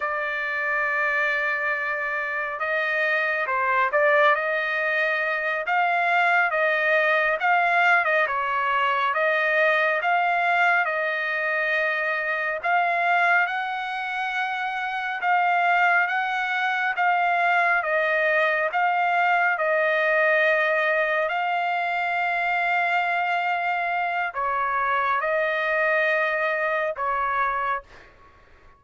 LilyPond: \new Staff \with { instrumentName = "trumpet" } { \time 4/4 \tempo 4 = 69 d''2. dis''4 | c''8 d''8 dis''4. f''4 dis''8~ | dis''8 f''8. dis''16 cis''4 dis''4 f''8~ | f''8 dis''2 f''4 fis''8~ |
fis''4. f''4 fis''4 f''8~ | f''8 dis''4 f''4 dis''4.~ | dis''8 f''2.~ f''8 | cis''4 dis''2 cis''4 | }